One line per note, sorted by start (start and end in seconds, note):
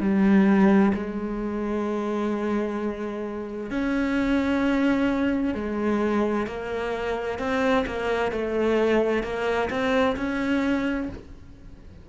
0.00 0.92 G3
0.94 3.70 G#3
3.70 5.54 C#4
5.54 6.47 G#3
6.47 7.38 A#3
7.38 7.85 C4
7.86 8.32 A#3
8.32 9.23 A3
9.23 9.69 A#3
9.70 10.16 C4
10.16 11.09 C#4